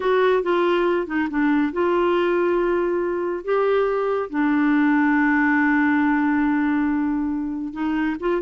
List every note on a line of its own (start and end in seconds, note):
0.00 0.43 F#4
0.43 1.07 F4
1.07 1.28 D#4
1.29 1.72 D4
1.72 3.44 F4
3.44 4.29 G4
4.29 7.73 D4
7.73 8.16 D#4
8.19 8.41 F4